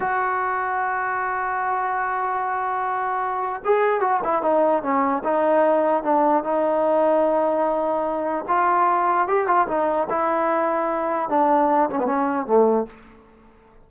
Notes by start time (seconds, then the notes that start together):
0.00 F#4
3.65 G#4
4.00 F#4
4.24 E4
4.42 D#4
4.82 C#4
5.24 D#4
6.03 D4
6.43 D#4
8.48 F4
9.27 G4
9.47 F4
9.67 D#4
10.09 E4
11.29 D4
11.90 C#4
11.99 B3
12.06 C#4
12.46 A3